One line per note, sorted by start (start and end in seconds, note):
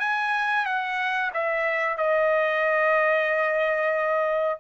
0.00 0.66 G#5
0.66 1.32 F#5
1.34 1.98 E5
1.98 4.60 D#5